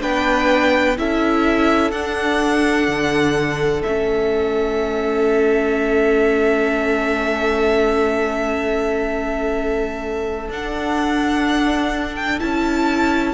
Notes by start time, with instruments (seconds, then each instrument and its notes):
0.00 cello B3, viola D4, violin B4 G5
0.97 cello C#4, viola E4, violin A4 E5
1.91 cello D4, viola D4, violin F#5
2.87 cello D3
3.82 cello A3, viola C#4, violin E5
10.48 cello D4, viola D4, violin F#5
12.15 violin G5
12.39 cello C#4, viola E4, violin A5